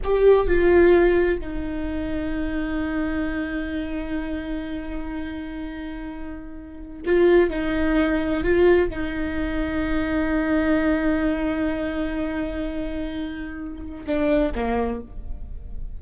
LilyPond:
\new Staff \with { instrumentName = "viola" } { \time 4/4 \tempo 4 = 128 g'4 f'2 dis'4~ | dis'1~ | dis'1~ | dis'2. f'4 |
dis'2 f'4 dis'4~ | dis'1~ | dis'1~ | dis'2 d'4 ais4 | }